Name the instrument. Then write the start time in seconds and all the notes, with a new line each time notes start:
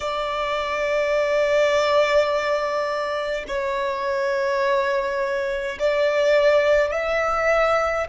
violin
0.00 D5
3.47 C#5
5.78 D5
6.91 E5